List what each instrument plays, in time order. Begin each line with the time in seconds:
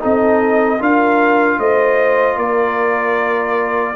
0.00 tuba C4, trombone D#4, horn A4, trumpet D#5
0.79 tuba D4, trombone F4, horn A#4, trumpet F5
1.59 tuba A3, horn C5, trumpet D#5
2.37 tuba A#3, horn A#4, trumpet D5